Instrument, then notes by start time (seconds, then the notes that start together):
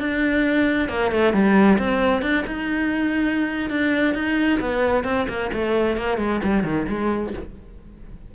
cello
0.00 D4
0.89 A#3
1.12 A3
1.33 G3
1.79 C4
2.22 D4
2.47 D#4
3.70 D4
4.15 D#4
4.60 B3
5.05 C4
5.29 A#3
5.53 A3
5.97 A#3
6.18 G#3
6.44 G3
6.64 D#3
6.89 G#3